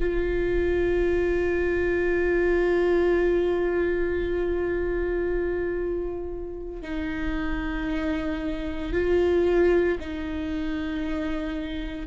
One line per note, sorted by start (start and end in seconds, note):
0.00 6.82 F4
6.82 8.92 D#4
8.93 9.98 F4
10.00 12.07 D#4